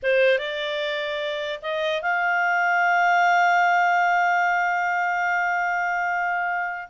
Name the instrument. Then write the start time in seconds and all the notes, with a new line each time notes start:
clarinet
0.02 C5
0.38 D5
1.61 D#5
2.01 F5